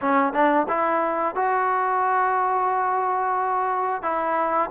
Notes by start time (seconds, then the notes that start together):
0.01 C#4
0.33 D4
0.68 E4
1.35 F#4
4.02 E4